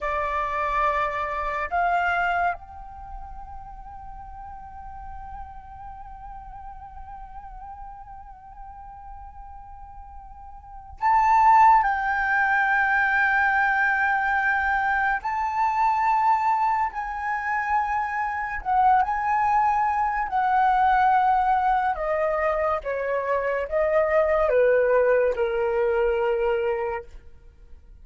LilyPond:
\new Staff \with { instrumentName = "flute" } { \time 4/4 \tempo 4 = 71 d''2 f''4 g''4~ | g''1~ | g''1~ | g''4 a''4 g''2~ |
g''2 a''2 | gis''2 fis''8 gis''4. | fis''2 dis''4 cis''4 | dis''4 b'4 ais'2 | }